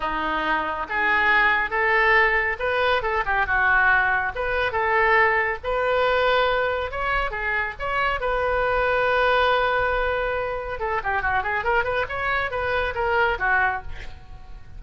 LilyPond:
\new Staff \with { instrumentName = "oboe" } { \time 4/4 \tempo 4 = 139 dis'2 gis'2 | a'2 b'4 a'8 g'8 | fis'2 b'4 a'4~ | a'4 b'2. |
cis''4 gis'4 cis''4 b'4~ | b'1~ | b'4 a'8 g'8 fis'8 gis'8 ais'8 b'8 | cis''4 b'4 ais'4 fis'4 | }